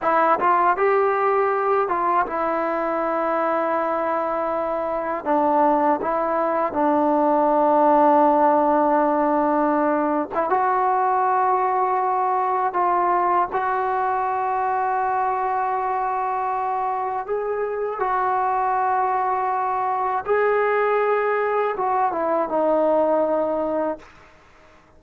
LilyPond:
\new Staff \with { instrumentName = "trombone" } { \time 4/4 \tempo 4 = 80 e'8 f'8 g'4. f'8 e'4~ | e'2. d'4 | e'4 d'2.~ | d'4.~ d'16 e'16 fis'2~ |
fis'4 f'4 fis'2~ | fis'2. gis'4 | fis'2. gis'4~ | gis'4 fis'8 e'8 dis'2 | }